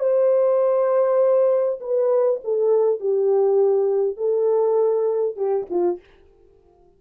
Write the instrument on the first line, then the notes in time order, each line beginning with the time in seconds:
horn
0.00 C5
1.81 B4
2.45 A4
3.00 G4
4.17 A4
5.37 G4
5.71 F4